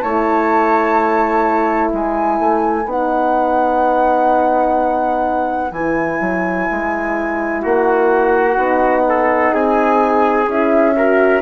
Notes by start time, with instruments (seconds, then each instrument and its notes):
0.00 bassoon A3, horn E4, trumpet C#5, flute A5
1.92 bassoon G#3, trumpet B4, flute G#5
2.39 bassoon A3
2.85 bassoon B3, horn D#4, flute F#5
5.71 bassoon E3, horn E4, flute G#5
6.20 bassoon F#3
6.71 bassoon G#3
7.61 bassoon A#3, trumpet F#4, flute F#5
8.57 bassoon B3, horn D#4
9.09 trumpet A4
9.53 bassoon C4, trumpet G#4, flute G#5
10.48 bassoon C#4, horn E4, flute E5
10.97 horn F#4, trumpet A#4